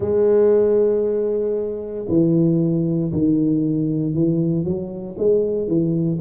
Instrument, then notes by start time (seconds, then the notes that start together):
tuba
0.00 G#3
2.08 E3
3.12 D#3
4.13 E3
4.64 F#3
5.17 G#3
5.67 E3